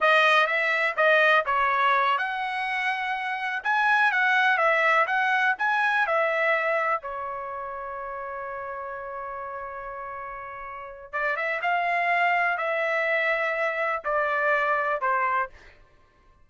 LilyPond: \new Staff \with { instrumentName = "trumpet" } { \time 4/4 \tempo 4 = 124 dis''4 e''4 dis''4 cis''4~ | cis''8 fis''2. gis''8~ | gis''8 fis''4 e''4 fis''4 gis''8~ | gis''8 e''2 cis''4.~ |
cis''1~ | cis''2. d''8 e''8 | f''2 e''2~ | e''4 d''2 c''4 | }